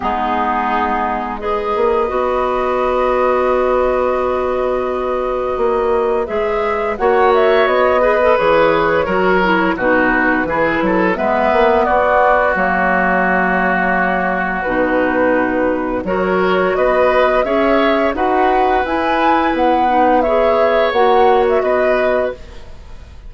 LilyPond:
<<
  \new Staff \with { instrumentName = "flute" } { \time 4/4 \tempo 4 = 86 gis'2 dis''2~ | dis''1~ | dis''4 e''4 fis''8 e''8 dis''4 | cis''2 b'2 |
e''4 d''4 cis''2~ | cis''4 b'2 cis''4 | dis''4 e''4 fis''4 gis''4 | fis''4 e''4 fis''8. e''16 dis''4 | }
  \new Staff \with { instrumentName = "oboe" } { \time 4/4 dis'2 b'2~ | b'1~ | b'2 cis''4. b'8~ | b'4 ais'4 fis'4 gis'8 a'8 |
b'4 fis'2.~ | fis'2. ais'4 | b'4 cis''4 b'2~ | b'4 cis''2 b'4 | }
  \new Staff \with { instrumentName = "clarinet" } { \time 4/4 b2 gis'4 fis'4~ | fis'1~ | fis'4 gis'4 fis'4. gis'16 a'16 | gis'4 fis'8 e'8 dis'4 e'4 |
b2 ais2~ | ais4 dis'2 fis'4~ | fis'4 gis'4 fis'4 e'4~ | e'8 dis'8 gis'4 fis'2 | }
  \new Staff \with { instrumentName = "bassoon" } { \time 4/4 gis2~ gis8 ais8 b4~ | b1 | ais4 gis4 ais4 b4 | e4 fis4 b,4 e8 fis8 |
gis8 ais8 b4 fis2~ | fis4 b,2 fis4 | b4 cis'4 dis'4 e'4 | b2 ais4 b4 | }
>>